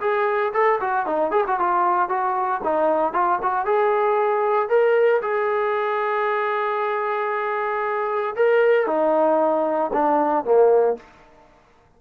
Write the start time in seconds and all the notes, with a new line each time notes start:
0.00 G#4
0.53 A4
0.80 F#4
1.06 D#4
1.31 G#4
1.47 F#4
1.59 F4
2.08 F#4
2.63 D#4
3.13 F4
3.42 F#4
3.65 G#4
4.68 A#4
5.22 G#4
8.35 A#4
8.86 D#4
9.93 D4
10.44 A#3